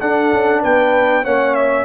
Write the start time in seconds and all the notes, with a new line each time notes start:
0.00 D4 A4 F#5
0.32 C#4
0.62 B3 B4 G5
1.24 A#3 C#4 C#5 F#5
1.55 E5